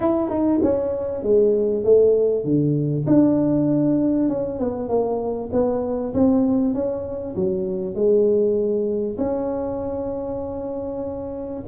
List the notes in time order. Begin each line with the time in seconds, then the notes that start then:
0.00 E4
0.29 D#4
0.62 C#4
1.22 G#3
1.84 A3
2.44 D3
3.06 D4
4.29 C#4
4.59 B3
4.88 A#3
5.52 B3
6.14 C4
6.73 C#4
7.35 F#3
7.94 G#3
9.18 C#4